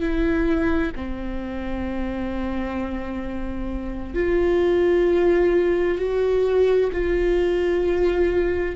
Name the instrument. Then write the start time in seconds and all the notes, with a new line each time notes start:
viola
0.00 E4
0.95 C4
4.14 F4
5.98 F#4
6.92 F4